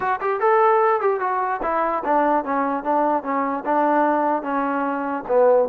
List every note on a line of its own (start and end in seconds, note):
0.00 0.20 F#4
0.20 0.40 G4
0.40 1.00 A4
1.00 1.20 G4
1.20 1.60 F#4
1.62 2.03 E4
2.04 2.44 D4
2.44 2.83 C#4
2.83 3.23 D4
3.23 3.63 C#4
3.65 4.42 D4
4.42 5.23 C#4
5.28 5.68 B3